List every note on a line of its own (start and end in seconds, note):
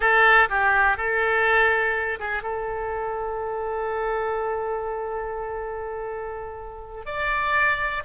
0.00 0.48 A4
0.49 0.97 G4
0.97 2.19 A4
2.19 2.43 G#4
2.43 7.05 A4
7.05 8.03 D5